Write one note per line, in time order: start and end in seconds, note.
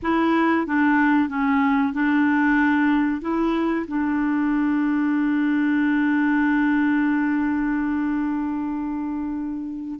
0.02 0.66 E4
0.66 1.28 D4
1.28 1.93 C#4
1.93 3.21 D4
3.21 3.85 E4
3.87 9.99 D4